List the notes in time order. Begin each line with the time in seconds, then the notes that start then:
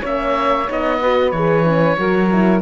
0.00 A#3 C#4 C#5 E5
0.69 B3 D#4 D#5
1.01 F#4 B4
1.30 E3 G#4 C#5
1.65 C#4
1.97 F#3 F#4 A#4
2.31 E4